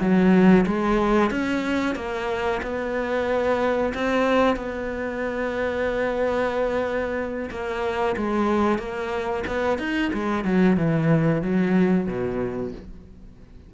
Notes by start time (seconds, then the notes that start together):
0.00 F#3
0.66 G#3
1.30 C#4
1.95 A#3
2.62 B3
3.94 C4
4.56 B3
7.50 A#3
8.16 G#3
8.78 A#3
9.47 B3
9.78 D#4
10.13 G#3
10.44 F#3
10.77 E3
11.42 F#3
12.07 B2